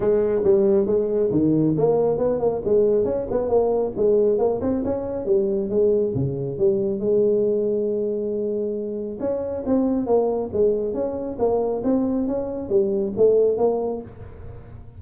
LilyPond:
\new Staff \with { instrumentName = "tuba" } { \time 4/4 \tempo 4 = 137 gis4 g4 gis4 dis4 | ais4 b8 ais8 gis4 cis'8 b8 | ais4 gis4 ais8 c'8 cis'4 | g4 gis4 cis4 g4 |
gis1~ | gis4 cis'4 c'4 ais4 | gis4 cis'4 ais4 c'4 | cis'4 g4 a4 ais4 | }